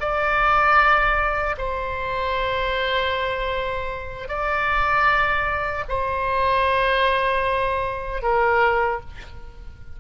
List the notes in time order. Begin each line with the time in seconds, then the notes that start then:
0.00 D5
1.58 C5
4.28 D5
5.89 C5
8.22 A#4